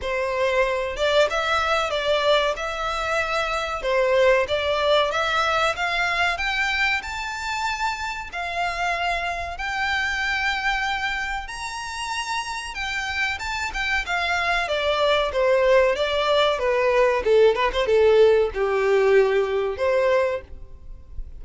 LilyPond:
\new Staff \with { instrumentName = "violin" } { \time 4/4 \tempo 4 = 94 c''4. d''8 e''4 d''4 | e''2 c''4 d''4 | e''4 f''4 g''4 a''4~ | a''4 f''2 g''4~ |
g''2 ais''2 | g''4 a''8 g''8 f''4 d''4 | c''4 d''4 b'4 a'8 b'16 c''16 | a'4 g'2 c''4 | }